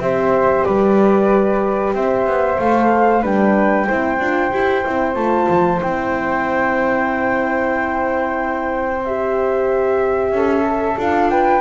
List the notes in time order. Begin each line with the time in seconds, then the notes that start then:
0.00 C4 G4 C5 E5
0.65 G3 B4 D5
1.94 C4 C5 E5
2.26 B3
2.59 A3 A4 F5
3.22 G3 D4 B4 G5
3.87 C4 E4 C5
4.20 D4 F4
4.51 E4 G4
4.86 C4 E4
5.14 A3 F4 A5
5.49 F3
5.81 C4 E4 G5
9.05 G4 E5
10.31 C#4 A4
10.66 A4
10.98 D4 F4 F5
11.30 B4 G5